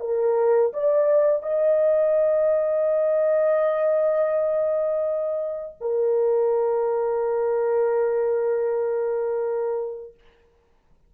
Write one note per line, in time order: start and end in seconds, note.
0.00 0.72 A#4
0.73 1.42 D5
1.42 5.76 D#5
5.80 10.14 A#4